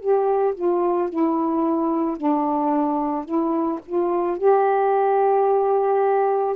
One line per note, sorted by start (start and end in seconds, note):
0.00 0.55 G4
0.55 1.10 F4
1.10 2.17 E4
2.17 3.25 D4
3.25 3.80 E4
3.86 4.38 F4
4.38 6.56 G4